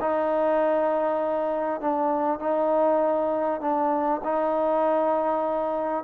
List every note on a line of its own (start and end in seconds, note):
0.00 1.80 D#4
1.80 2.39 D4
2.39 3.60 D#4
3.60 4.21 D4
4.23 6.04 D#4